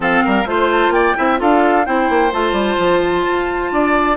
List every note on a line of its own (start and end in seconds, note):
0.00 0.22 F3
0.00 0.45 C4
0.00 0.24 A4
0.00 0.47 F5
0.24 0.45 G3
0.24 0.47 A#4
0.45 0.89 A3
0.45 1.15 F4
0.45 0.70 C5
0.45 0.93 C5
0.72 0.92 A5
0.89 1.12 A#3
0.89 1.17 D5
0.89 1.39 G5
1.16 1.40 C4
1.16 1.37 E4
1.16 1.39 E5
1.37 1.87 D4
1.37 1.84 F4
1.37 1.86 A4
1.37 1.85 F5
1.85 2.09 C4
1.85 2.31 E4
1.85 3.72 C5
1.85 2.32 G5
2.09 2.32 A#3
2.32 2.51 A3
2.32 4.16 F4
2.32 4.16 A5
2.51 2.75 G3
2.78 3.25 F3
3.28 3.71 F4
3.71 4.16 D4
3.71 4.16 D5